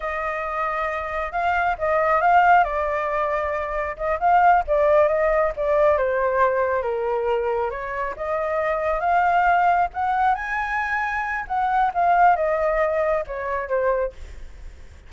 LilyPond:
\new Staff \with { instrumentName = "flute" } { \time 4/4 \tempo 4 = 136 dis''2. f''4 | dis''4 f''4 d''2~ | d''4 dis''8 f''4 d''4 dis''8~ | dis''8 d''4 c''2 ais'8~ |
ais'4. cis''4 dis''4.~ | dis''8 f''2 fis''4 gis''8~ | gis''2 fis''4 f''4 | dis''2 cis''4 c''4 | }